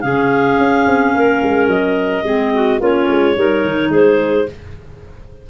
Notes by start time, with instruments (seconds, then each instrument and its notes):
0.00 tuba C#3, clarinet C#4 G#4 F5
0.58 tuba C#4
0.86 tuba C4
1.14 tuba A#3, clarinet A#4
1.42 tuba G#3
1.67 tuba F#3, clarinet D#5
2.24 tuba G#3, clarinet C4 G#4
2.54 clarinet F#4
2.80 tuba A#3, clarinet C#4 F4 C#5
3.09 tuba G#3
3.35 tuba G3, clarinet D#4 A#4
3.64 tuba D#3
3.89 tuba G#3, clarinet G#4 C5